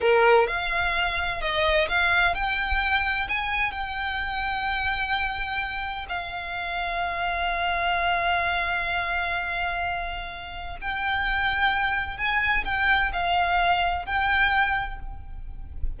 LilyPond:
\new Staff \with { instrumentName = "violin" } { \time 4/4 \tempo 4 = 128 ais'4 f''2 dis''4 | f''4 g''2 gis''4 | g''1~ | g''4 f''2.~ |
f''1~ | f''2. g''4~ | g''2 gis''4 g''4 | f''2 g''2 | }